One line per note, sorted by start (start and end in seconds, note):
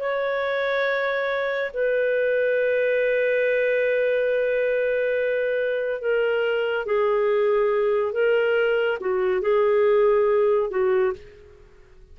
0.00 1.71 C#5
1.73 6.02 B4
6.02 6.86 A#4
6.86 8.12 G#4
8.12 8.98 A#4
9.00 9.42 F#4
9.42 10.70 G#4
10.70 11.13 F#4